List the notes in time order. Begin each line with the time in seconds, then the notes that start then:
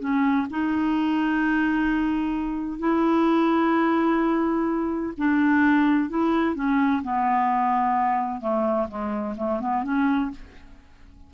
0.00 C#4
0.50 D#4
2.79 E4
5.17 D4
6.09 E4
6.55 C#4
7.03 B3
8.41 A3
8.88 G#3
9.37 A3
9.60 B3
9.84 C#4